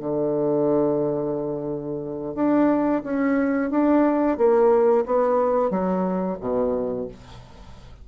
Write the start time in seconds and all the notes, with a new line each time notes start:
0.00 D3
2.35 D4
3.04 C#4
3.71 D4
4.38 A#3
5.06 B3
5.71 F#3
6.41 B2